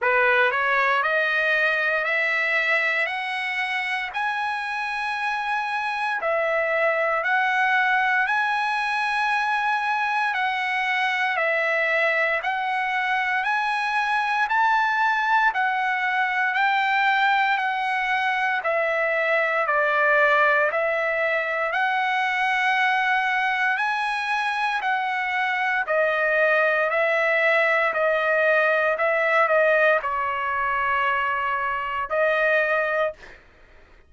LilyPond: \new Staff \with { instrumentName = "trumpet" } { \time 4/4 \tempo 4 = 58 b'8 cis''8 dis''4 e''4 fis''4 | gis''2 e''4 fis''4 | gis''2 fis''4 e''4 | fis''4 gis''4 a''4 fis''4 |
g''4 fis''4 e''4 d''4 | e''4 fis''2 gis''4 | fis''4 dis''4 e''4 dis''4 | e''8 dis''8 cis''2 dis''4 | }